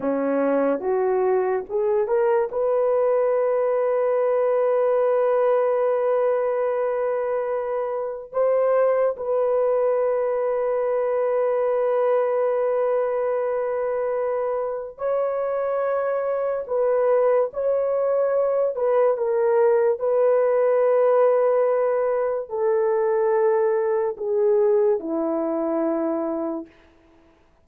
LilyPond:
\new Staff \with { instrumentName = "horn" } { \time 4/4 \tempo 4 = 72 cis'4 fis'4 gis'8 ais'8 b'4~ | b'1~ | b'2 c''4 b'4~ | b'1~ |
b'2 cis''2 | b'4 cis''4. b'8 ais'4 | b'2. a'4~ | a'4 gis'4 e'2 | }